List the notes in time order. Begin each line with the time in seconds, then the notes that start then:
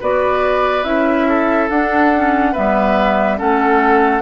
0.00 B3 F#4 B4 D5
0.84 C#4 E4 E5
1.28 A4
1.69 D4 F#5
2.14 C#4
2.52 G3 B3 B4 E5
3.37 A3 C#4 A4 F#5